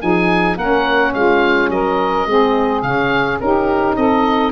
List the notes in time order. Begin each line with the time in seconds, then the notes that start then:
0.00 F3 D#4 G#4 G#5
0.55 A#3 C#4 A#4 F#5
1.14 G#3 F4 F5
1.69 F#3 A#4 D#5
2.26 G#3 C4 G#4
2.82 C#3 C#4 F5
3.40 C#4 D#4 G4 A#4
3.96 C4 A4 D#5